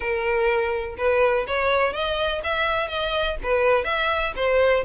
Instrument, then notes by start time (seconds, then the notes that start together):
violin
0.00 A#4
0.97 B4
1.47 C#5
1.93 D#5
2.43 E5
2.88 D#5
3.43 B4
3.84 E5
4.35 C5